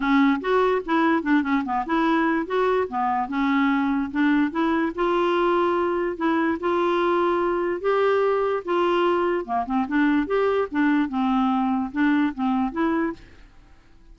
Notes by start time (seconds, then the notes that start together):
0.00 C#4
0.41 F#4
0.85 E4
1.22 D4
1.42 C#4
1.64 B3
1.85 E4
2.46 F#4
2.88 B3
3.28 C#4
4.11 D4
4.51 E4
4.95 F4
6.16 E4
6.60 F4
7.80 G4
8.65 F4
9.45 A#3
9.66 C4
9.87 D4
10.26 G4
10.71 D4
11.09 C4
11.92 D4
12.34 C4
12.72 E4